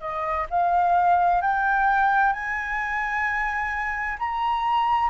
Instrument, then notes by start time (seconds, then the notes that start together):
flute
0.00 D#5
0.50 F5
1.41 G5
2.32 G#5
4.18 A#5